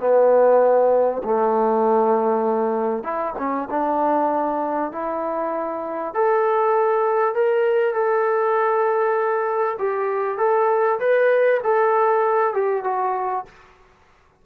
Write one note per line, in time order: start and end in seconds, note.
0.00 1.22 B3
1.24 3.03 A3
3.03 3.34 E4
3.38 3.69 C#4
3.70 4.92 D4
4.92 6.14 E4
6.14 7.34 A4
7.34 7.94 A#4
7.94 9.77 A4
9.79 10.38 G4
10.38 10.99 A4
11.00 11.61 B4
11.63 12.54 A4
12.54 12.84 G4
12.84 13.45 F#4